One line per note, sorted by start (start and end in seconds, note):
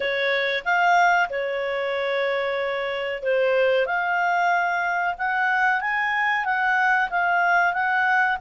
0.00 0.63 C#5
0.65 1.29 F5
1.29 3.23 C#5
3.23 3.85 C5
3.85 5.14 F5
5.18 5.80 F#5
5.80 6.44 G#5
6.44 7.09 F#5
7.10 7.73 F5
7.73 8.37 F#5